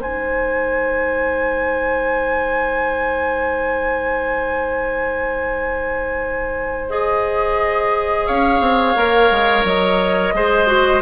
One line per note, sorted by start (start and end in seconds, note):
0.00 8.28 G#3
0.00 6.89 D#4
0.00 8.27 C5
0.00 6.90 G#5
6.89 8.96 G#4
6.89 8.27 D#5
8.27 8.60 C#4
8.27 10.34 C#5
8.27 9.65 F5
8.60 8.94 C4
8.96 9.30 A#3
8.96 10.34 A#4
9.31 9.64 G#3
9.64 10.33 F#3
9.64 11.02 D#5
10.33 11.02 G#3
10.33 10.66 G#4
10.33 11.02 C5
10.66 11.01 F#4